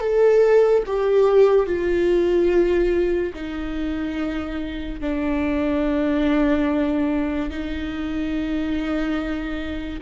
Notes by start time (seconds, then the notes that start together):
0.00 A4
0.86 G4
1.66 F4
3.34 D#4
5.01 D4
7.50 D#4